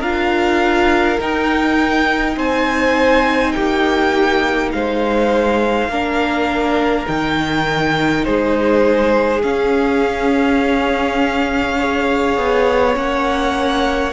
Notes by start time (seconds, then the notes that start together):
0.00 D4 F4 A#4 F5
1.19 D#4 G5
2.37 C4 C5 G#5
3.52 A#3 G4 G5
4.72 G#3 C5 F5
5.88 A#3 D4 A#4
7.06 D#3 D#4 G5
8.25 G#3 G#4 C5
9.42 C#4 F5
11.78 G#4 C#5
12.38 B3
12.94 A#3 C#4 F#5